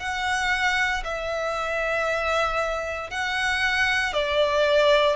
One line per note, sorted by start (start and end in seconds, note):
0.00 1.03 F#5
1.04 3.10 E5
3.10 4.13 F#5
4.13 5.16 D5